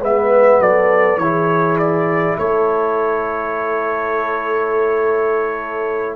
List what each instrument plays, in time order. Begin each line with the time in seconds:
0.00 tuba G#3, trombone B3, horn B4, trumpet E5
0.59 tuba F#3, horn A4, trumpet D5
1.16 tuba E3, trombone E4, horn G#4, trumpet C#5
1.78 trumpet D5
2.38 tuba A3, horn A4, trumpet C#5